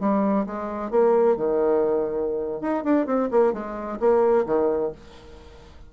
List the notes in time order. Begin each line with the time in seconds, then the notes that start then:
0.00 G3
0.46 G#3
0.91 A#3
1.37 D#3
2.61 D#4
2.84 D4
3.07 C4
3.31 A#3
3.53 G#3
4.00 A#3
4.46 D#3